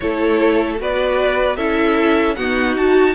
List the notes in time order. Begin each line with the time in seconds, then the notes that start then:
0.00 A3 E4 A4 C#5
0.78 B3 F#4 B4 D5
1.56 C#4 E4 A4 E5
2.35 B3 D#4 F#4 F#5
2.75 F#4 A5